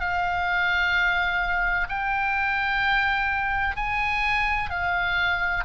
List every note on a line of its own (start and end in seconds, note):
0.00 1.87 F5
1.89 3.76 G5
3.76 4.70 G#5
4.70 5.64 F5